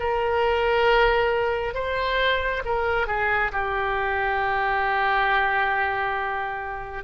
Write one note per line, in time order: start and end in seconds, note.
0.00 1.74 A#4
1.74 2.63 C5
2.65 3.07 A#4
3.07 3.51 G#4
3.53 7.04 G4